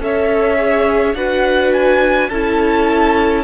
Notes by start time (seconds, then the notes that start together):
0.00 C#4 A4 C#5 E5
0.56 G#4
1.14 D4 F#4 B4 F#5
1.73 G#5
2.29 C#4 E4 A4 A5